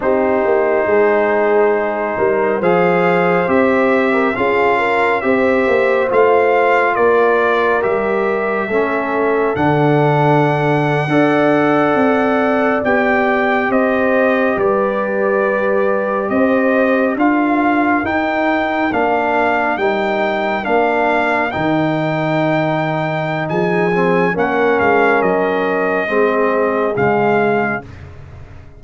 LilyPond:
<<
  \new Staff \with { instrumentName = "trumpet" } { \time 4/4 \tempo 4 = 69 c''2. f''4 | e''4 f''4 e''4 f''4 | d''4 e''2 fis''4~ | fis''2~ fis''8. g''4 dis''16~ |
dis''8. d''2 dis''4 f''16~ | f''8. g''4 f''4 g''4 f''16~ | f''8. g''2~ g''16 gis''4 | fis''8 f''8 dis''2 f''4 | }
  \new Staff \with { instrumentName = "horn" } { \time 4/4 g'4 gis'4. ais'8 c''4~ | c''8. ais'16 gis'8 ais'8 c''2 | ais'2 a'2~ | a'8. d''2. c''16~ |
c''8. b'2 c''4 ais'16~ | ais'1~ | ais'2. gis'4 | ais'2 gis'2 | }
  \new Staff \with { instrumentName = "trombone" } { \time 4/4 dis'2. gis'4 | g'4 f'4 g'4 f'4~ | f'4 g'4 cis'4 d'4~ | d'8. a'2 g'4~ g'16~ |
g'2.~ g'8. f'16~ | f'8. dis'4 d'4 dis'4 d'16~ | d'8. dis'2~ dis'8. c'8 | cis'2 c'4 gis4 | }
  \new Staff \with { instrumentName = "tuba" } { \time 4/4 c'8 ais8 gis4. g8 f4 | c'4 cis'4 c'8 ais8 a4 | ais4 g4 a4 d4~ | d8. d'4 c'4 b4 c'16~ |
c'8. g2 c'4 d'16~ | d'8. dis'4 ais4 g4 ais16~ | ais8. dis2~ dis16 f4 | ais8 gis8 fis4 gis4 cis4 | }
>>